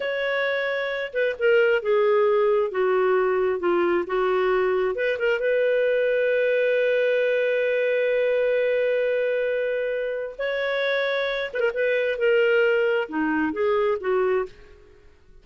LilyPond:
\new Staff \with { instrumentName = "clarinet" } { \time 4/4 \tempo 4 = 133 cis''2~ cis''8 b'8 ais'4 | gis'2 fis'2 | f'4 fis'2 b'8 ais'8 | b'1~ |
b'1~ | b'2. cis''4~ | cis''4. b'16 ais'16 b'4 ais'4~ | ais'4 dis'4 gis'4 fis'4 | }